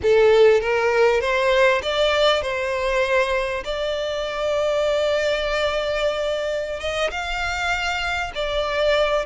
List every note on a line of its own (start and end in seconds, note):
0.02 0.60 A4
0.60 1.20 A#4
1.20 1.81 C5
1.82 2.42 D5
2.42 3.63 C5
3.64 6.80 D5
6.80 7.10 D#5
7.10 8.32 F5
8.34 9.25 D5